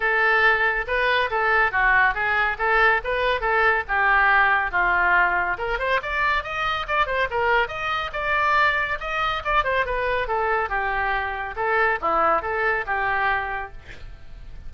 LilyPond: \new Staff \with { instrumentName = "oboe" } { \time 4/4 \tempo 4 = 140 a'2 b'4 a'4 | fis'4 gis'4 a'4 b'4 | a'4 g'2 f'4~ | f'4 ais'8 c''8 d''4 dis''4 |
d''8 c''8 ais'4 dis''4 d''4~ | d''4 dis''4 d''8 c''8 b'4 | a'4 g'2 a'4 | e'4 a'4 g'2 | }